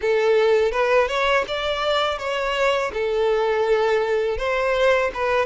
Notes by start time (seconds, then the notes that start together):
0.01 A4
0.71 B4
1.08 C#5
1.47 D5
2.18 C#5
2.93 A4
4.37 C5
5.14 B4